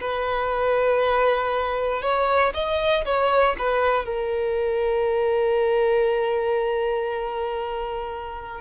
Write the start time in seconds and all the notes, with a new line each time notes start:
0.00 B4
2.02 C#5
2.54 D#5
3.05 C#5
3.58 B4
4.05 A#4